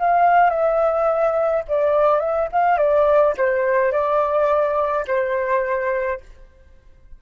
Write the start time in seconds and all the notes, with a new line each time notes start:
0.00 F5
0.50 E5
1.69 D5
2.20 E5
2.52 F5
2.78 D5
3.38 C5
3.93 D5
5.07 C5